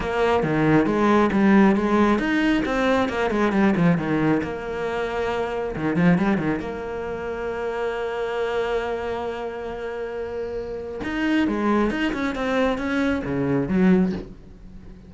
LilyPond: \new Staff \with { instrumentName = "cello" } { \time 4/4 \tempo 4 = 136 ais4 dis4 gis4 g4 | gis4 dis'4 c'4 ais8 gis8 | g8 f8 dis4 ais2~ | ais4 dis8 f8 g8 dis8 ais4~ |
ais1~ | ais1~ | ais4 dis'4 gis4 dis'8 cis'8 | c'4 cis'4 cis4 fis4 | }